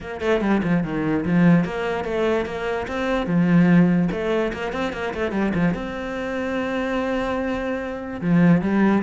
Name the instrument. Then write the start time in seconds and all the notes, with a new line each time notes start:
cello
0.00 A#3
0.20 A3
0.41 G3
0.63 F3
0.83 D#3
1.25 F3
1.64 A#3
2.04 A3
2.45 A#3
2.87 C4
3.26 F3
4.11 A3
4.53 A#3
4.72 C4
4.92 A#3
5.14 A3
5.31 G3
5.54 F3
5.74 C4
8.21 F3
8.61 G3